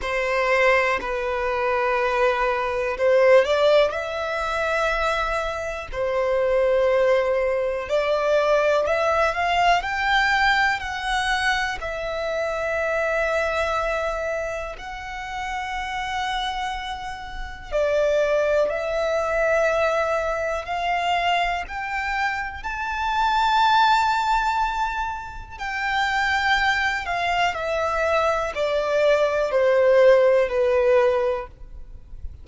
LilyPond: \new Staff \with { instrumentName = "violin" } { \time 4/4 \tempo 4 = 61 c''4 b'2 c''8 d''8 | e''2 c''2 | d''4 e''8 f''8 g''4 fis''4 | e''2. fis''4~ |
fis''2 d''4 e''4~ | e''4 f''4 g''4 a''4~ | a''2 g''4. f''8 | e''4 d''4 c''4 b'4 | }